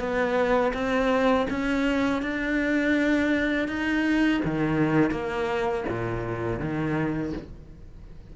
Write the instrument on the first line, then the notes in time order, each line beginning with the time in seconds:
cello
0.00 B3
0.74 C4
1.50 C#4
2.23 D4
3.69 D#4
4.45 D#3
5.11 A#3
5.89 A#2
6.60 D#3